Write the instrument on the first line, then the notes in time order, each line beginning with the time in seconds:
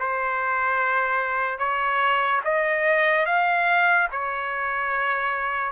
trumpet
0.00 C5
1.59 C#5
2.45 D#5
3.26 F5
4.12 C#5